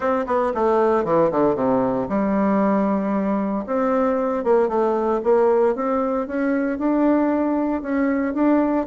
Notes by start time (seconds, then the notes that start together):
0.00 C4
0.26 B3
0.54 A3
1.04 E3
1.31 D3
1.55 C3
2.08 G3
3.66 C4
4.43 A#3
4.68 A3
5.23 A#3
5.75 C4
6.27 C#4
6.78 D4
7.82 C#4
8.34 D4